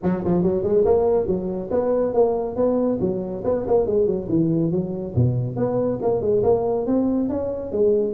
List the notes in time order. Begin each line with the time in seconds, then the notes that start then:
0.02 F#3
0.24 F3
0.42 F#3
0.63 G#3
0.85 A#3
1.26 F#3
1.70 B3
2.13 A#3
2.56 B3
3.00 F#3
3.44 B3
3.67 A#3
3.86 G#3
4.06 F#3
4.28 E3
4.71 F#3
5.15 B2
5.56 B3
6.02 A#3
6.21 G#3
6.43 A#3
6.86 C4
7.29 C#4
7.71 G#3